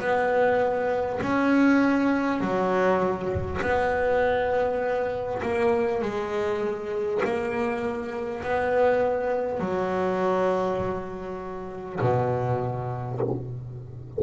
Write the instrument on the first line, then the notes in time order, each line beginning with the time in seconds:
double bass
0.00 B3
1.23 C#4
2.41 F#3
3.62 B3
5.42 A#3
6.02 G#3
7.25 A#3
8.43 B3
9.60 F#3
12.01 B2